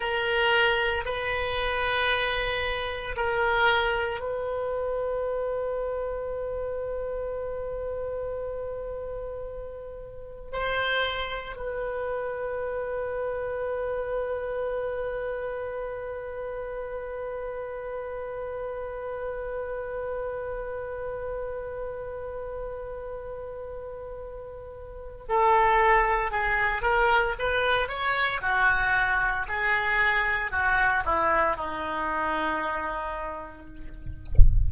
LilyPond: \new Staff \with { instrumentName = "oboe" } { \time 4/4 \tempo 4 = 57 ais'4 b'2 ais'4 | b'1~ | b'2 c''4 b'4~ | b'1~ |
b'1~ | b'1 | a'4 gis'8 ais'8 b'8 cis''8 fis'4 | gis'4 fis'8 e'8 dis'2 | }